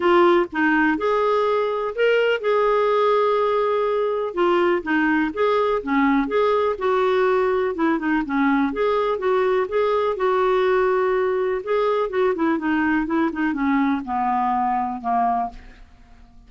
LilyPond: \new Staff \with { instrumentName = "clarinet" } { \time 4/4 \tempo 4 = 124 f'4 dis'4 gis'2 | ais'4 gis'2.~ | gis'4 f'4 dis'4 gis'4 | cis'4 gis'4 fis'2 |
e'8 dis'8 cis'4 gis'4 fis'4 | gis'4 fis'2. | gis'4 fis'8 e'8 dis'4 e'8 dis'8 | cis'4 b2 ais4 | }